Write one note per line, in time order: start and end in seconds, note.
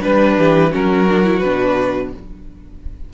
0.00 0.38 G3
0.00 0.70 D4
0.00 0.36 B4
0.00 0.72 B4
0.38 0.73 E3
0.38 0.72 G4
0.71 1.43 F#3
0.71 1.06 C#4
0.71 2.11 F#4
0.71 1.39 A#4
1.09 1.24 D4
1.24 1.41 E4
1.39 2.13 B2
1.39 2.13 D4
1.39 2.09 B4